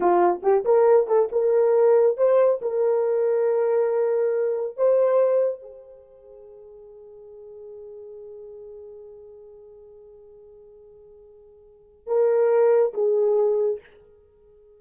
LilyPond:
\new Staff \with { instrumentName = "horn" } { \time 4/4 \tempo 4 = 139 f'4 g'8 ais'4 a'8 ais'4~ | ais'4 c''4 ais'2~ | ais'2. c''4~ | c''4 gis'2.~ |
gis'1~ | gis'1~ | gis'1 | ais'2 gis'2 | }